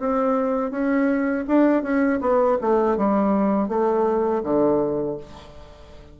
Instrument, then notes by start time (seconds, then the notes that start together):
bassoon
0.00 C4
0.71 C#4
1.48 D4
1.83 C#4
2.21 B3
2.62 A3
2.98 G3
3.69 A3
4.43 D3